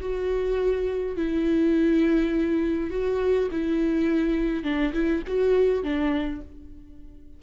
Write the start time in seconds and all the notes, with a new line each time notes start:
0.00 F#4
1.17 E4
2.91 F#4
3.51 E4
4.64 D4
4.93 E4
5.27 F#4
5.83 D4